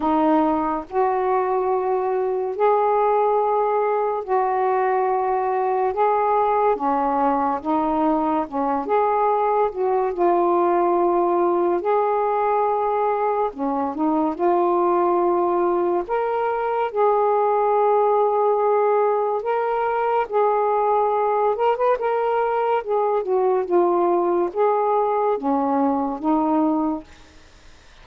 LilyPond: \new Staff \with { instrumentName = "saxophone" } { \time 4/4 \tempo 4 = 71 dis'4 fis'2 gis'4~ | gis'4 fis'2 gis'4 | cis'4 dis'4 cis'8 gis'4 fis'8 | f'2 gis'2 |
cis'8 dis'8 f'2 ais'4 | gis'2. ais'4 | gis'4. ais'16 b'16 ais'4 gis'8 fis'8 | f'4 gis'4 cis'4 dis'4 | }